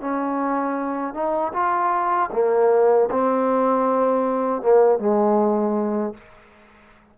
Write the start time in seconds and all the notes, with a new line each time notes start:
0.00 C#4
1.14 D#4
1.53 F4
2.32 A#3
3.10 C4
4.62 A#3
4.99 G#3